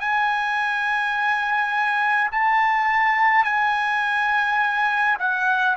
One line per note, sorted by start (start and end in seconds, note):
0.00 2.31 G#5
2.31 3.44 A5
3.44 5.17 G#5
5.19 5.76 F#5